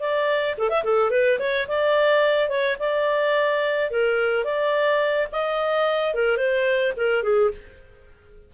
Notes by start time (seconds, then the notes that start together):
0.00 D5
0.58 A4
0.69 E5
0.84 A4
1.11 B4
1.39 C#5
1.68 D5
2.49 C#5
2.79 D5
3.90 A#4
4.44 D5
5.32 D#5
6.14 A#4
6.37 C5
6.96 A#4
7.23 G#4